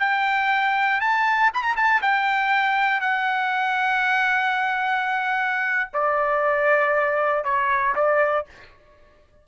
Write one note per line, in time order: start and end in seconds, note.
0.00 1.01 G5
1.01 1.51 A5
1.54 1.63 B5
1.63 1.76 A#5
1.76 2.02 A5
2.02 3.00 G5
3.00 5.90 F#5
5.94 7.44 D5
7.44 7.95 C#5
7.96 8.46 D5